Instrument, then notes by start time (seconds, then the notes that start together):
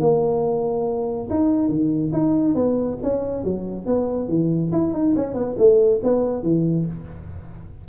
tuba
0.00 A#3
1.30 D#4
1.69 D#3
2.13 D#4
2.55 B3
3.03 C#4
3.44 F#3
3.86 B3
4.29 E3
4.72 E4
4.93 D#4
5.16 C#4
5.34 B3
5.58 A3
6.03 B3
6.43 E3